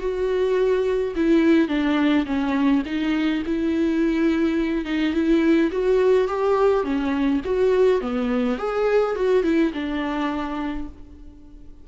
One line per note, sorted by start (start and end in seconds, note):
0.00 1.14 F#4
1.16 1.69 E4
1.69 2.26 D4
2.26 2.83 C#4
2.86 3.43 D#4
3.46 4.85 E4
4.85 5.14 D#4
5.14 5.71 E4
5.72 6.28 F#4
6.28 6.84 G4
6.84 7.41 C#4
7.45 8.01 F#4
8.01 8.58 B3
8.58 9.16 G#4
9.16 9.44 F#4
9.44 9.72 E4
9.74 10.88 D4